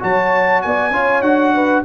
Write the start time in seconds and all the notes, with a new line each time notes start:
0.00 F#3 F#4 C#5 A5
0.62 B3 D5 G#5
0.91 C#4 F4 C#5
1.22 D4 F#4 F#5
1.54 B4